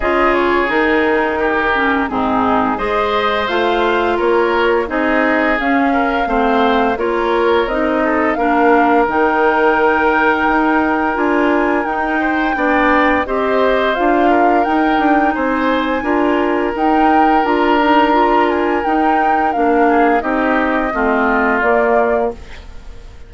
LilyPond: <<
  \new Staff \with { instrumentName = "flute" } { \time 4/4 \tempo 4 = 86 dis''8 cis''8 ais'2 gis'4 | dis''4 f''4 cis''4 dis''4 | f''2 cis''4 dis''4 | f''4 g''2. |
gis''4 g''2 dis''4 | f''4 g''4 gis''2 | g''4 ais''4. gis''8 g''4 | f''4 dis''2 d''4 | }
  \new Staff \with { instrumentName = "oboe" } { \time 4/4 gis'2 g'4 dis'4 | c''2 ais'4 gis'4~ | gis'8 ais'8 c''4 ais'4. a'8 | ais'1~ |
ais'4. c''8 d''4 c''4~ | c''8 ais'4. c''4 ais'4~ | ais'1~ | ais'8 gis'8 g'4 f'2 | }
  \new Staff \with { instrumentName = "clarinet" } { \time 4/4 f'4 dis'4. cis'8 c'4 | gis'4 f'2 dis'4 | cis'4 c'4 f'4 dis'4 | d'4 dis'2. |
f'4 dis'4 d'4 g'4 | f'4 dis'2 f'4 | dis'4 f'8 dis'8 f'4 dis'4 | d'4 dis'4 c'4 ais4 | }
  \new Staff \with { instrumentName = "bassoon" } { \time 4/4 cis4 dis2 gis,4 | gis4 a4 ais4 c'4 | cis'4 a4 ais4 c'4 | ais4 dis2 dis'4 |
d'4 dis'4 b4 c'4 | d'4 dis'8 d'8 c'4 d'4 | dis'4 d'2 dis'4 | ais4 c'4 a4 ais4 | }
>>